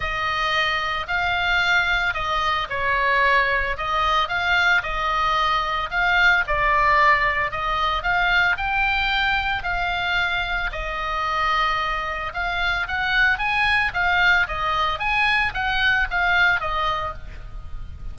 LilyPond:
\new Staff \with { instrumentName = "oboe" } { \time 4/4 \tempo 4 = 112 dis''2 f''2 | dis''4 cis''2 dis''4 | f''4 dis''2 f''4 | d''2 dis''4 f''4 |
g''2 f''2 | dis''2. f''4 | fis''4 gis''4 f''4 dis''4 | gis''4 fis''4 f''4 dis''4 | }